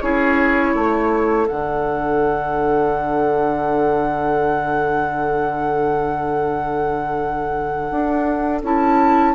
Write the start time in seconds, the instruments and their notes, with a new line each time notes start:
0.00 bassoon C#4, clarinet E4, oboe G#4, flute C#5
0.75 bassoon A3, oboe A4
1.47 bassoon D3, clarinet D4, flute F#5
7.91 bassoon D4
8.62 bassoon C#4, clarinet E4, flute A5